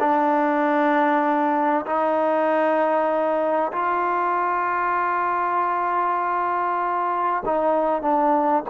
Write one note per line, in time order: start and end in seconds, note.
0.00 1.86 D4
1.86 3.72 D#4
3.73 7.44 F4
7.46 8.02 D#4
8.02 8.64 D4